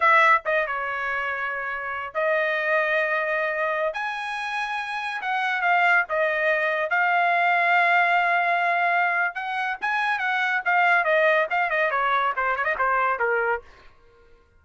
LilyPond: \new Staff \with { instrumentName = "trumpet" } { \time 4/4 \tempo 4 = 141 e''4 dis''8 cis''2~ cis''8~ | cis''4 dis''2.~ | dis''4~ dis''16 gis''2~ gis''8.~ | gis''16 fis''4 f''4 dis''4.~ dis''16~ |
dis''16 f''2.~ f''8.~ | f''2 fis''4 gis''4 | fis''4 f''4 dis''4 f''8 dis''8 | cis''4 c''8 cis''16 dis''16 c''4 ais'4 | }